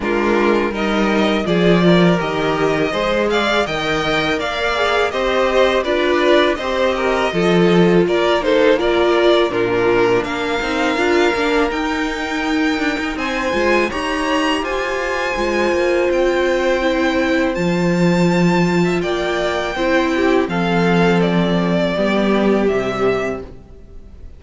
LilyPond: <<
  \new Staff \with { instrumentName = "violin" } { \time 4/4 \tempo 4 = 82 ais'4 dis''4 d''4 dis''4~ | dis''8 f''8 g''4 f''4 dis''4 | d''4 dis''2 d''8 c''8 | d''4 ais'4 f''2 |
g''2 gis''4 ais''4 | gis''2 g''2 | a''2 g''2 | f''4 d''2 e''4 | }
  \new Staff \with { instrumentName = "violin" } { \time 4/4 f'4 ais'4 gis'8 ais'4. | c''8 d''8 dis''4 d''4 c''4 | b'4 c''8 ais'8 a'4 ais'8 a'8 | ais'4 f'4 ais'2~ |
ais'2 c''4 cis''4 | c''1~ | c''4.~ c''16 e''16 d''4 c''8 g'8 | a'2 g'2 | }
  \new Staff \with { instrumentName = "viola" } { \time 4/4 d'4 dis'4 f'4 g'4 | gis'4 ais'4. gis'8 g'4 | f'4 g'4 f'4. dis'8 | f'4 d'4. dis'8 f'8 d'8 |
dis'2~ dis'8 f'8 g'4~ | g'4 f'2 e'4 | f'2. e'4 | c'2 b4 g4 | }
  \new Staff \with { instrumentName = "cello" } { \time 4/4 gis4 g4 f4 dis4 | gis4 dis4 ais4 c'4 | d'4 c'4 f4 ais4~ | ais4 ais,4 ais8 c'8 d'8 ais8 |
dis'4. d'16 dis'16 c'8 gis8 dis'4 | f'4 gis8 ais8 c'2 | f2 ais4 c'4 | f2 g4 c4 | }
>>